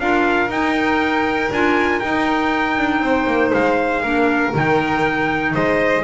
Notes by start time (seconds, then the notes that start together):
0.00 D4 F4 A#4 F5
0.48 D#4 G5
1.51 D4 F4 G#5
2.00 D#4 G5
2.78 D4
3.00 C4 C5
3.26 A#3
3.53 G#3 F5
4.02 A#3 D4 A#4
4.53 D#3 D#4 G5
5.54 G#3 C5 D#5